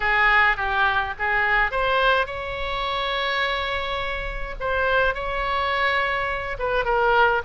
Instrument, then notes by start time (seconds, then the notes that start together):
oboe
0.00 G#4
0.57 G4
1.18 G#4
1.71 C5
2.26 C#5
4.59 C5
5.14 C#5
6.58 B4
6.84 A#4